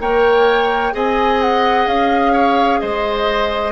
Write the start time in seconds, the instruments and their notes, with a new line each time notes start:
0.00 bassoon A#3, clarinet A#4, oboe C#5, flute G5
0.92 bassoon C4, clarinet G#4, oboe D#5, flute G#5
1.42 flute F#5
1.87 bassoon C#4, flute F5
2.33 oboe C#5
2.80 bassoon G#3, oboe C5, flute D#5